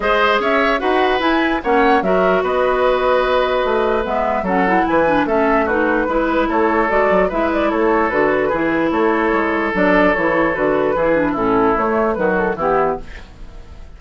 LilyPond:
<<
  \new Staff \with { instrumentName = "flute" } { \time 4/4 \tempo 4 = 148 dis''4 e''4 fis''4 gis''4 | fis''4 e''4 dis''2~ | dis''2 e''4 fis''4 | gis''4 e''4 b'2 |
cis''4 d''4 e''8 d''8 cis''4 | b'2 cis''2 | d''4 cis''4 b'2 | a'4 cis''4 b'8 a'8 g'4 | }
  \new Staff \with { instrumentName = "oboe" } { \time 4/4 c''4 cis''4 b'2 | cis''4 ais'4 b'2~ | b'2. a'4 | b'4 a'4 fis'4 b'4 |
a'2 b'4 a'4~ | a'4 gis'4 a'2~ | a'2. gis'4 | e'2 fis'4 e'4 | }
  \new Staff \with { instrumentName = "clarinet" } { \time 4/4 gis'2 fis'4 e'4 | cis'4 fis'2.~ | fis'2 b4 cis'8 e'8~ | e'8 d'8 cis'4 dis'4 e'4~ |
e'4 fis'4 e'2 | fis'4 e'2. | d'4 e'4 fis'4 e'8 d'8 | cis'4 a4 fis4 b4 | }
  \new Staff \with { instrumentName = "bassoon" } { \time 4/4 gis4 cis'4 dis'4 e'4 | ais4 fis4 b2~ | b4 a4 gis4 fis4 | e4 a2 gis4 |
a4 gis8 fis8 gis4 a4 | d4 e4 a4 gis4 | fis4 e4 d4 e4 | a,4 a4 dis4 e4 | }
>>